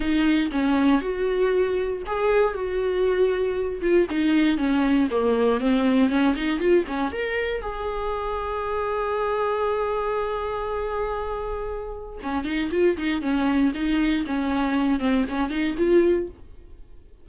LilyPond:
\new Staff \with { instrumentName = "viola" } { \time 4/4 \tempo 4 = 118 dis'4 cis'4 fis'2 | gis'4 fis'2~ fis'8 f'8 | dis'4 cis'4 ais4 c'4 | cis'8 dis'8 f'8 cis'8 ais'4 gis'4~ |
gis'1~ | gis'1 | cis'8 dis'8 f'8 dis'8 cis'4 dis'4 | cis'4. c'8 cis'8 dis'8 f'4 | }